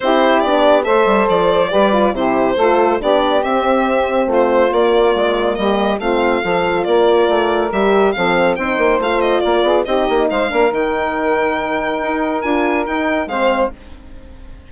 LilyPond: <<
  \new Staff \with { instrumentName = "violin" } { \time 4/4 \tempo 4 = 140 c''4 d''4 e''4 d''4~ | d''4 c''2 d''4 | e''2 c''4 d''4~ | d''4 dis''4 f''2 |
d''2 e''4 f''4 | g''4 f''8 dis''8 d''4 dis''4 | f''4 g''2.~ | g''4 gis''4 g''4 f''4 | }
  \new Staff \with { instrumentName = "saxophone" } { \time 4/4 g'2 c''2 | b'4 g'4 a'4 g'4~ | g'2 f'2~ | f'4 g'4 f'4 a'4 |
ais'2. a'4 | c''2 ais'8 gis'8 g'4 | c''8 ais'2.~ ais'8~ | ais'2. c''4 | }
  \new Staff \with { instrumentName = "horn" } { \time 4/4 e'4 d'4 a'2 | g'8 f'8 e'4 f'4 d'4 | c'2. ais4~ | ais2 c'4 f'4~ |
f'2 g'4 c'4 | dis'4 f'2 dis'4~ | dis'8 d'8 dis'2.~ | dis'4 f'4 dis'4 c'4 | }
  \new Staff \with { instrumentName = "bassoon" } { \time 4/4 c'4 b4 a8 g8 f4 | g4 c4 a4 b4 | c'2 a4 ais4 | gis4 g4 a4 f4 |
ais4 a4 g4 f4 | c'8 ais8 a4 ais8 b8 c'8 ais8 | gis8 ais8 dis2. | dis'4 d'4 dis'4 gis4 | }
>>